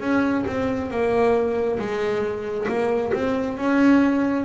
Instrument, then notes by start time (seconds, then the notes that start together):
double bass
0.00 C#4
0.47 C4
0.90 A#3
1.78 G#3
2.68 A#3
3.13 C4
3.57 C#4